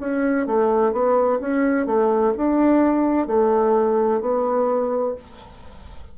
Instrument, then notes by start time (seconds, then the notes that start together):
bassoon
0.00 C#4
0.47 A3
0.92 B3
1.40 C#4
1.86 A3
2.37 D4
3.27 A3
4.21 B3